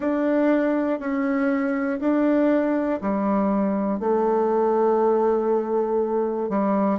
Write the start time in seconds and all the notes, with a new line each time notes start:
0.00 D4
0.99 C#4
2.00 D4
3.01 G3
4.00 A3
6.49 G3